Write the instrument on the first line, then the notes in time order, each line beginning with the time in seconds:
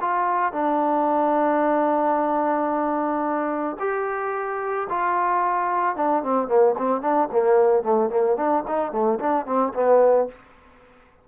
trombone
0.00 F4
0.52 D4
3.79 G4
4.89 F4
5.96 D4
6.23 C4
6.47 A#3
6.77 C4
7.01 D4
7.32 A#3
7.83 A3
8.09 A#3
8.36 D4
8.67 D#4
8.92 A3
9.19 D4
9.45 C4
9.74 B3